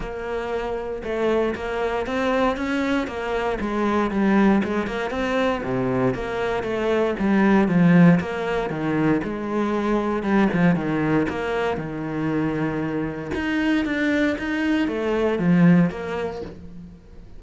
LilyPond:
\new Staff \with { instrumentName = "cello" } { \time 4/4 \tempo 4 = 117 ais2 a4 ais4 | c'4 cis'4 ais4 gis4 | g4 gis8 ais8 c'4 c4 | ais4 a4 g4 f4 |
ais4 dis4 gis2 | g8 f8 dis4 ais4 dis4~ | dis2 dis'4 d'4 | dis'4 a4 f4 ais4 | }